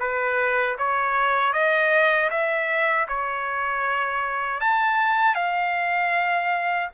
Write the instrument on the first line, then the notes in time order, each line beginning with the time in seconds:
trumpet
0.00 B4
0.79 C#5
1.53 D#5
2.30 E5
3.08 C#5
4.61 A5
5.35 F5